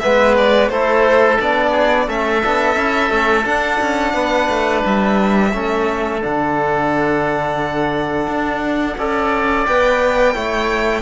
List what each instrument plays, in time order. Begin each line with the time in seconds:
0.00 cello G#3, trombone B3, oboe B4, violin E5
0.38 violin D5
0.69 cello A3, trombone E4, oboe A4, violin C5
1.39 cello B3, trombone D4, violin D5
1.71 oboe G#4
2.07 cello A3, trombone C#4, oboe A4, violin E5
2.43 cello B3, trombone D4
2.77 cello C#4, trombone E4
3.11 cello A3, trombone C#4
3.44 trombone D4, cello D4, violin F#5
3.81 cello C#4
4.15 cello B3, oboe B4
4.49 cello A3
4.86 cello G3, violin E5
5.54 cello A3, trombone C#4, oboe A4
6.22 cello D3, trombone D4, violin F#5
8.28 cello D4
8.98 cello C#4, trombone A4, oboe D5
9.67 cello B3, trombone B4, violin G5
10.34 cello A3, trombone E4, oboe C#5